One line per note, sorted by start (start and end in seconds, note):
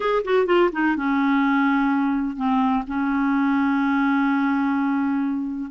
0.00 0.22 G#4
0.24 0.46 F#4
0.46 0.69 F4
0.72 0.96 D#4
0.96 2.36 C#4
2.36 2.83 C4
2.87 5.70 C#4